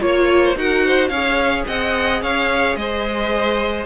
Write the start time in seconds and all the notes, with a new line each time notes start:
0.00 A#3 F4 C#5
0.44 C5
0.56 D#4 F#4 A#4 F#5
0.87 C5
1.08 C#4 G#4 C#5 F5
1.67 C4 D#5 F#5
2.22 C#4 C#5 F5
2.76 G#3 C5 D#5